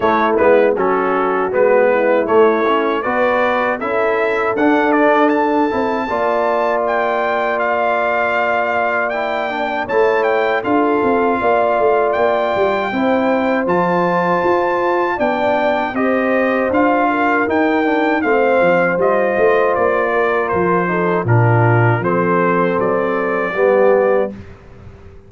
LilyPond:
<<
  \new Staff \with { instrumentName = "trumpet" } { \time 4/4 \tempo 4 = 79 cis''8 b'8 a'4 b'4 cis''4 | d''4 e''4 fis''8 d''8 a''4~ | a''4 g''4 f''2 | g''4 a''8 g''8 f''2 |
g''2 a''2 | g''4 dis''4 f''4 g''4 | f''4 dis''4 d''4 c''4 | ais'4 c''4 d''2 | }
  \new Staff \with { instrumentName = "horn" } { \time 4/4 e'4 fis'4. e'4. | b'4 a'2. | d''1~ | d''4 cis''4 a'4 d''4~ |
d''4 c''2. | d''4 c''4. ais'4. | c''2~ c''8 ais'4 a'8 | f'4 a'2 g'4 | }
  \new Staff \with { instrumentName = "trombone" } { \time 4/4 a8 b8 cis'4 b4 a8 cis'8 | fis'4 e'4 d'4. e'8 | f'1 | e'8 d'8 e'4 f'2~ |
f'4 e'4 f'2 | d'4 g'4 f'4 dis'8 d'8 | c'4 f'2~ f'8 dis'8 | d'4 c'2 b4 | }
  \new Staff \with { instrumentName = "tuba" } { \time 4/4 a8 gis8 fis4 gis4 a4 | b4 cis'4 d'4. c'8 | ais1~ | ais4 a4 d'8 c'8 ais8 a8 |
ais8 g8 c'4 f4 f'4 | b4 c'4 d'4 dis'4 | a8 f8 g8 a8 ais4 f4 | ais,4 f4 fis4 g4 | }
>>